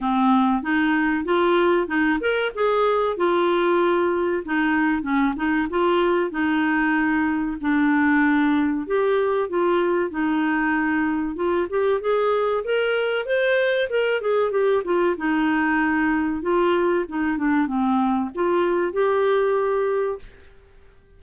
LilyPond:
\new Staff \with { instrumentName = "clarinet" } { \time 4/4 \tempo 4 = 95 c'4 dis'4 f'4 dis'8 ais'8 | gis'4 f'2 dis'4 | cis'8 dis'8 f'4 dis'2 | d'2 g'4 f'4 |
dis'2 f'8 g'8 gis'4 | ais'4 c''4 ais'8 gis'8 g'8 f'8 | dis'2 f'4 dis'8 d'8 | c'4 f'4 g'2 | }